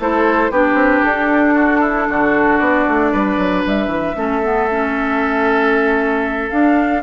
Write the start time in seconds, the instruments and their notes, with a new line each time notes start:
0.00 bassoon A3, clarinet E4, oboe A4, flute C5
0.51 bassoon B3, clarinet D4, oboe G4, flute B4
0.74 bassoon C4
1.03 bassoon D4, flute A4
1.55 oboe F#4
1.81 oboe E4
2.09 bassoon D3, oboe F#4
2.58 bassoon B3, flute D5
2.88 bassoon A3
3.12 bassoon G3, oboe B4
3.38 bassoon F#3
3.67 bassoon G3, flute E5
3.87 bassoon E3
4.16 bassoon A3, clarinet C#4, oboe A4
4.43 clarinet B3
4.71 clarinet C#4
6.50 clarinet D4, bassoon D4, flute F5